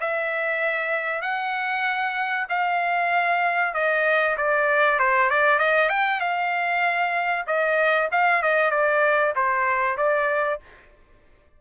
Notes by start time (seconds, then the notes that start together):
0.00 E5
1.22 F#5
2.49 F5
3.74 D#5
4.37 D5
4.99 C5
5.30 D5
5.59 D#5
5.89 G5
6.20 F5
7.47 D#5
8.11 F5
8.42 D#5
8.71 D5
9.35 C5
9.97 D5